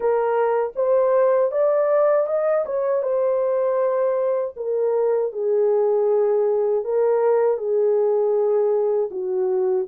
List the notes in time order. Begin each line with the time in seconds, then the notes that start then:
0.00 A#4
0.75 C5
1.51 D5
2.26 D#5
2.65 C#5
3.02 C5
4.56 A#4
5.32 G#4
6.84 A#4
7.57 G#4
9.10 F#4